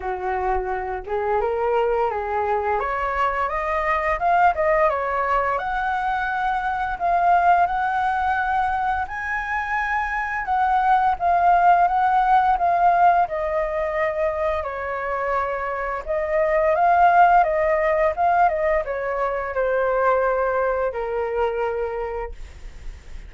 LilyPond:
\new Staff \with { instrumentName = "flute" } { \time 4/4 \tempo 4 = 86 fis'4. gis'8 ais'4 gis'4 | cis''4 dis''4 f''8 dis''8 cis''4 | fis''2 f''4 fis''4~ | fis''4 gis''2 fis''4 |
f''4 fis''4 f''4 dis''4~ | dis''4 cis''2 dis''4 | f''4 dis''4 f''8 dis''8 cis''4 | c''2 ais'2 | }